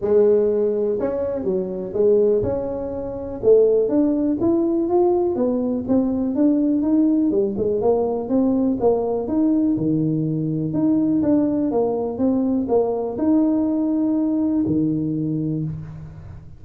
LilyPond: \new Staff \with { instrumentName = "tuba" } { \time 4/4 \tempo 4 = 123 gis2 cis'4 fis4 | gis4 cis'2 a4 | d'4 e'4 f'4 b4 | c'4 d'4 dis'4 g8 gis8 |
ais4 c'4 ais4 dis'4 | dis2 dis'4 d'4 | ais4 c'4 ais4 dis'4~ | dis'2 dis2 | }